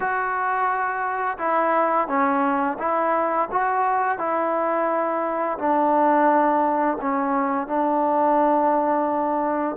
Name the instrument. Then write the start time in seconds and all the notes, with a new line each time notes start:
trombone
0.00 F#4
1.38 E4
2.07 C#4
2.78 E4
3.51 F#4
4.18 E4
5.58 D4
7.01 C#4
7.67 D4